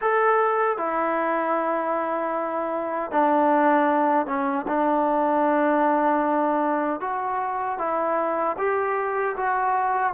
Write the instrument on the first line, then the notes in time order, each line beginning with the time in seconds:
trombone
0.01 A4
0.77 E4
3.11 D4
4.26 C#4
4.67 D4
7.00 F#4
7.78 E4
8.57 G4
9.36 F#4